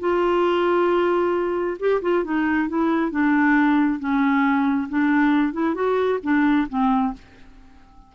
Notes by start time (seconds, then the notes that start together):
0.00 F4
1.80 G4
2.02 F4
2.25 D#4
2.69 E4
3.11 D4
4.00 C#4
4.89 D4
5.53 E4
5.75 F#4
6.23 D4
6.69 C4